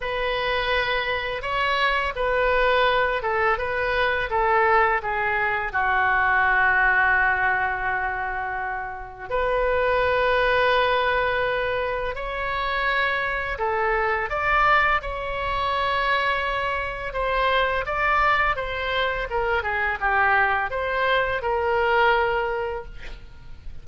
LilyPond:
\new Staff \with { instrumentName = "oboe" } { \time 4/4 \tempo 4 = 84 b'2 cis''4 b'4~ | b'8 a'8 b'4 a'4 gis'4 | fis'1~ | fis'4 b'2.~ |
b'4 cis''2 a'4 | d''4 cis''2. | c''4 d''4 c''4 ais'8 gis'8 | g'4 c''4 ais'2 | }